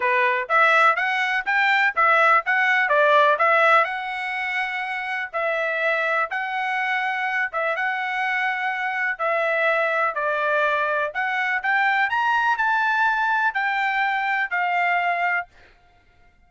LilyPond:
\new Staff \with { instrumentName = "trumpet" } { \time 4/4 \tempo 4 = 124 b'4 e''4 fis''4 g''4 | e''4 fis''4 d''4 e''4 | fis''2. e''4~ | e''4 fis''2~ fis''8 e''8 |
fis''2. e''4~ | e''4 d''2 fis''4 | g''4 ais''4 a''2 | g''2 f''2 | }